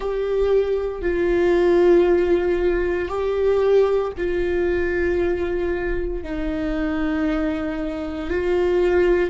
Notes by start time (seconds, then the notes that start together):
0.00 G4
1.01 F4
3.08 G4
4.17 F4
6.23 D#4
8.29 F4